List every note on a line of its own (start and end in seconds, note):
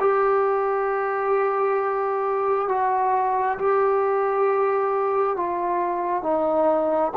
0.00 2.69 G4
2.69 3.58 F#4
3.59 5.36 G4
5.36 6.23 F4
6.23 7.12 D#4